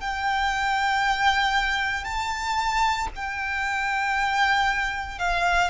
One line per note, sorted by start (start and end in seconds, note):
0.00 2.04 G5
2.04 3.08 A5
3.16 5.19 G5
5.19 5.70 F5